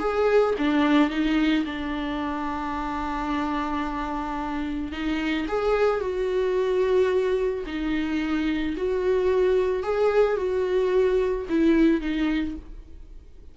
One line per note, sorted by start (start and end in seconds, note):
0.00 0.55 G#4
0.58 1.10 D4
1.10 1.65 D#4
1.65 4.92 D4
4.92 5.47 D#4
5.48 6.00 G#4
6.00 7.64 F#4
7.67 8.76 D#4
8.77 9.83 F#4
9.83 10.37 G#4
10.37 11.46 F#4
11.49 12.01 E4
12.01 12.56 D#4